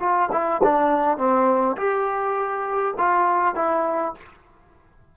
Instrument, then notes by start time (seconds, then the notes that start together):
trombone
0.00 F4
0.32 E4
0.63 D4
1.17 C4
1.77 G4
2.98 F4
3.55 E4